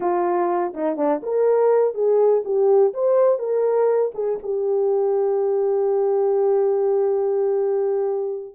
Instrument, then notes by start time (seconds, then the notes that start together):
horn
0.00 F4
0.73 D#4
0.96 D4
1.22 A#4
1.94 G#4
2.44 G4
2.93 C5
3.38 A#4
4.14 G#4
4.43 G4